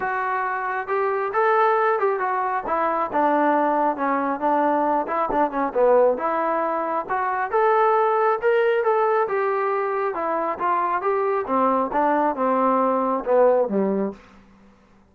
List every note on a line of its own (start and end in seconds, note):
0.00 0.87 F#4
0.87 1.31 G4
1.33 1.99 A4
1.99 2.19 G4
2.19 2.63 F#4
2.66 3.10 E4
3.12 3.96 D4
3.96 4.40 C#4
4.40 5.06 D4
5.07 5.29 E4
5.31 5.50 D4
5.50 5.73 C#4
5.74 6.17 B3
6.17 7.05 E4
7.09 7.50 F#4
7.50 8.38 A4
8.41 8.83 A#4
8.83 9.27 A4
9.28 10.14 G4
10.14 10.58 E4
10.58 11.01 F4
11.01 11.45 G4
11.46 11.90 C4
11.92 12.35 D4
12.35 13.24 C4
13.24 13.68 B3
13.68 14.12 G3